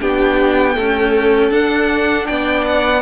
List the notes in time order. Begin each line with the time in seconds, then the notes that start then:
0.00 B3 D4 G4 G5
0.74 A3 C#4 A4
1.50 D4 F#5
2.26 B3 D5 G5
2.66 F#5